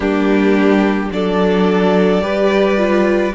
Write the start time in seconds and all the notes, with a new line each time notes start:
0.00 G3 A#3 D4 G4
1.11 F#3 D4 A4 D5
2.21 G3 G4 B4
2.77 F4